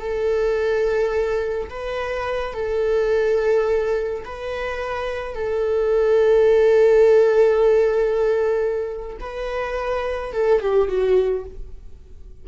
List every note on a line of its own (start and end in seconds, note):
0.00 1.70 A4
1.70 2.54 B4
2.54 4.24 A4
4.25 5.35 B4
5.35 9.17 A4
9.21 10.34 B4
10.34 10.61 A4
10.61 10.89 G4
10.89 11.45 F#4